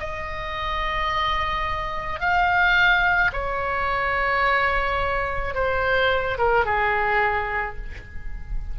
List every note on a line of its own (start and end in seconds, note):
0.00 2.20 D#5
2.20 3.31 F5
3.33 5.55 C#5
5.55 6.38 C5
6.38 6.66 A#4
6.66 7.77 G#4